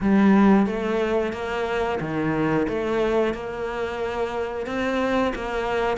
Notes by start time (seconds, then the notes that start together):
0.00 G3
0.66 A3
1.32 A#3
2.00 D#3
2.68 A3
3.34 A#3
4.66 C4
5.35 A#3